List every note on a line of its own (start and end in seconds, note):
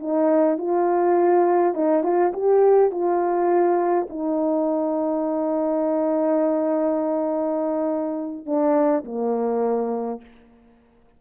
0.00 0.58 D#4
0.58 1.75 F4
1.75 2.04 D#4
2.04 2.33 F4
2.34 2.92 G4
2.92 4.08 F4
4.10 8.46 D#4
8.46 9.05 D4
9.05 10.22 A#3